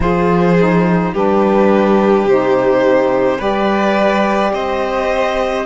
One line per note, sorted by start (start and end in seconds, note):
0.00 1.12 F3
0.00 0.55 F4
0.00 1.13 G#4
0.00 1.13 C5
0.59 1.14 D#4
1.13 2.25 G3
1.13 2.28 D4
1.13 3.38 G4
1.13 2.28 B4
2.25 3.38 C3
2.25 3.38 D#4
2.25 3.41 C5
3.38 4.53 G3
3.38 5.65 G4
3.38 4.51 B4
3.38 4.54 D5
4.53 5.66 C4
4.53 5.66 C5
4.53 5.66 D#5